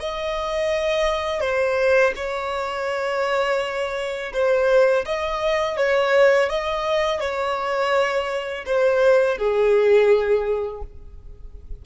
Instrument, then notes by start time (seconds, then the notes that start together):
violin
0.00 D#5
1.41 C5
2.16 C#5
4.33 C5
5.05 D#5
5.77 C#5
6.49 D#5
7.20 C#5
8.66 C5
9.38 G#4